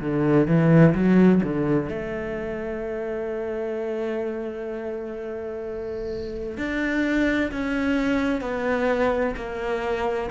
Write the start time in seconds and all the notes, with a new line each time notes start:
0.00 D3
0.47 E3
0.94 F#3
1.43 D3
1.88 A3
6.57 D4
7.52 C#4
8.41 B3
9.36 A#3